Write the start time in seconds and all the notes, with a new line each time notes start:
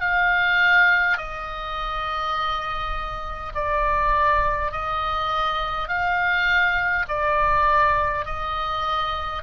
0.00 F5
1.17 D#5
3.54 D5
4.72 D#5
5.88 F5
7.08 D5
8.25 D#5